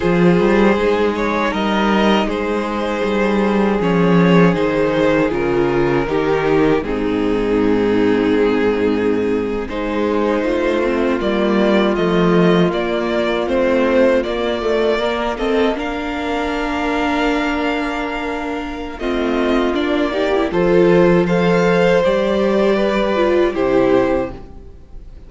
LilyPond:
<<
  \new Staff \with { instrumentName = "violin" } { \time 4/4 \tempo 4 = 79 c''4. cis''8 dis''4 c''4~ | c''4 cis''4 c''4 ais'4~ | ais'4 gis'2.~ | gis'8. c''2 d''4 dis''16~ |
dis''8. d''4 c''4 d''4~ d''16~ | d''16 dis''8 f''2.~ f''16~ | f''4 dis''4 d''4 c''4 | f''4 d''2 c''4 | }
  \new Staff \with { instrumentName = "violin" } { \time 4/4 gis'2 ais'4 gis'4~ | gis'1 | g'4 dis'2.~ | dis'8. gis'4 f'2~ f'16~ |
f'2.~ f'8. ais'16~ | ais'16 a'8 ais'2.~ ais'16~ | ais'4 f'4. g'8 a'4 | c''2 b'4 g'4 | }
  \new Staff \with { instrumentName = "viola" } { \time 4/4 f'4 dis'2.~ | dis'4 cis'4 dis'4 f'4 | dis'4 c'2.~ | c'8. dis'4. c'8 ais4 a16~ |
a8. ais4 c'4 ais8 a8 ais16~ | ais16 c'8 d'2.~ d'16~ | d'4 c'4 d'8 dis'16 e'16 f'4 | a'4 g'4. f'8 e'4 | }
  \new Staff \with { instrumentName = "cello" } { \time 4/4 f8 g8 gis4 g4 gis4 | g4 f4 dis4 cis4 | dis4 gis,2.~ | gis,8. gis4 a4 g4 f16~ |
f8. ais4 a4 ais4~ ais16~ | ais1~ | ais4 a4 ais4 f4~ | f4 g2 c4 | }
>>